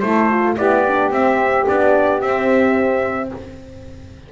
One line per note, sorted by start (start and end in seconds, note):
0.00 0.57 A3
0.00 0.30 E4
0.00 0.57 A4
0.00 0.55 C5
0.30 0.57 F4
0.57 1.11 B3
0.57 0.84 E4
0.57 3.30 G4
0.57 1.12 D5
0.87 1.11 D4
1.11 1.66 C4
1.11 1.68 E5
1.68 2.23 B3
1.68 2.21 D4
1.68 2.21 D5
2.21 3.30 C4
2.21 3.32 C4
2.21 3.30 E5